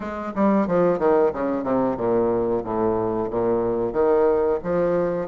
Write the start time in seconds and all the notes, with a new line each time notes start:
0.00 G#3
0.35 G3
0.67 F3
0.98 D#3
1.33 C#3
1.63 C3
1.97 A#2
2.64 A2
3.30 A#2
3.93 D#3
4.63 F3